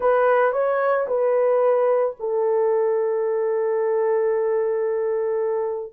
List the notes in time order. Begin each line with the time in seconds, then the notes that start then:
0.00 B4
0.52 C#5
1.07 B4
2.19 A4